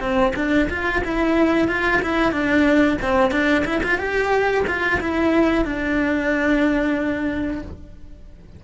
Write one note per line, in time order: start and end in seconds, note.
0.00 0.33 C4
0.36 0.69 D4
0.69 1.02 F4
1.04 1.68 E4
1.68 2.00 F4
2.01 2.32 E4
2.32 2.98 D4
3.01 3.31 C4
3.31 3.64 D4
3.64 3.81 E4
3.83 3.98 F4
3.98 4.64 G4
4.67 5.00 F4
5.00 5.64 E4
5.64 7.62 D4